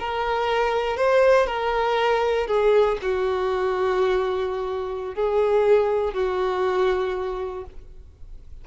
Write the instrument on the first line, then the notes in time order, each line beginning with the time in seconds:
violin
0.00 A#4
0.97 C5
1.48 A#4
2.48 G#4
3.03 F#4
5.15 G#4
6.14 F#4